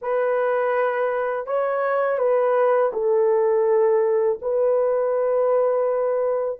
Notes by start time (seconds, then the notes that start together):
0.01 B4
1.46 C#5
2.18 B4
2.93 A4
4.41 B4